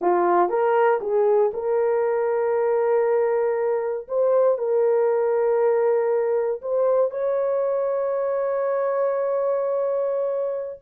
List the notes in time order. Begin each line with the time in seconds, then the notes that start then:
0.01 F4
0.49 A#4
1.00 G#4
1.53 A#4
4.07 C5
4.58 A#4
6.61 C5
7.10 C#5